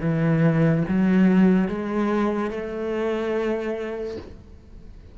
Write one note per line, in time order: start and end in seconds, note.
0.00 0.83 E3
0.88 1.68 F#3
1.68 2.51 G#3
2.51 4.17 A3